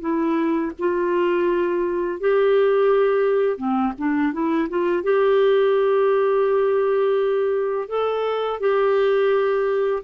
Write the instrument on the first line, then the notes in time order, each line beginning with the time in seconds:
clarinet
0.00 E4
0.78 F4
2.20 G4
3.57 C4
3.98 D4
4.32 E4
4.69 F4
5.03 G4
7.88 A4
8.60 G4